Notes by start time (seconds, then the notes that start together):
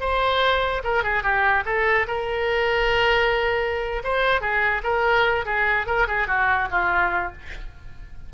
0.00 C5
0.84 A#4
1.03 G#4
1.23 G4
1.65 A4
2.07 A#4
4.04 C5
4.41 G#4
4.83 A#4
5.45 G#4
5.87 A#4
6.07 G#4
6.27 F#4
6.71 F4